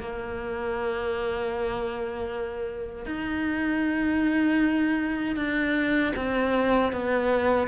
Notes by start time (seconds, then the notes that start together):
0.00 A#3
3.05 D#4
5.36 D4
6.16 C4
6.92 B3